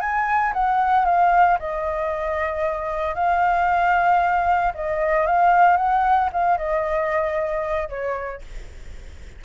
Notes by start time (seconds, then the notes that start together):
0.00 G#5
0.53 F#5
1.05 F5
1.59 D#5
3.15 F5
4.74 D#5
5.26 F5
5.77 F#5
6.32 F5
6.57 D#5
7.89 C#5